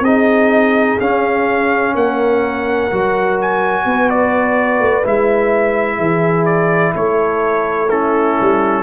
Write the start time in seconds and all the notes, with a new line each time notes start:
0.00 C4 D#4 G#4 D#5
1.00 C#4 F5
1.94 A#3 A#4 F#5
2.91 F#3 F#4
3.41 G#5
3.85 B3 B4
4.10 D5
4.80 A3
5.03 G#3 E4 E5
5.97 E3 G#4
6.45 D5
6.93 A3 A4 C#5
7.88 C#4 E4 A4
8.41 G3